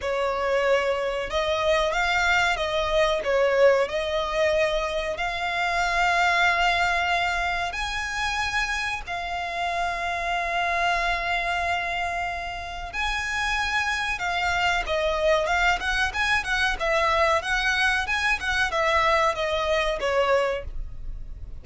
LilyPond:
\new Staff \with { instrumentName = "violin" } { \time 4/4 \tempo 4 = 93 cis''2 dis''4 f''4 | dis''4 cis''4 dis''2 | f''1 | gis''2 f''2~ |
f''1 | gis''2 f''4 dis''4 | f''8 fis''8 gis''8 fis''8 e''4 fis''4 | gis''8 fis''8 e''4 dis''4 cis''4 | }